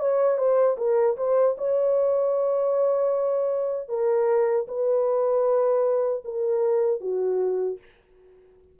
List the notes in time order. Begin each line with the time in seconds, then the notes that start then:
0.00 C#5
0.38 C5
0.78 A#4
1.17 C5
1.58 C#5
3.89 A#4
4.68 B4
6.25 A#4
7.01 F#4